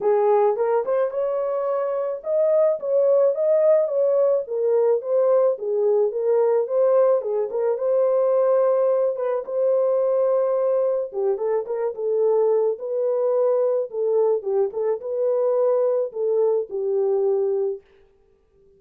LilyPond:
\new Staff \with { instrumentName = "horn" } { \time 4/4 \tempo 4 = 108 gis'4 ais'8 c''8 cis''2 | dis''4 cis''4 dis''4 cis''4 | ais'4 c''4 gis'4 ais'4 | c''4 gis'8 ais'8 c''2~ |
c''8 b'8 c''2. | g'8 a'8 ais'8 a'4. b'4~ | b'4 a'4 g'8 a'8 b'4~ | b'4 a'4 g'2 | }